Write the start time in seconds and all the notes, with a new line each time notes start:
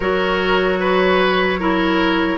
0.00 F#3 F#4 A#4 C#5
0.79 B4
1.59 E4 A#4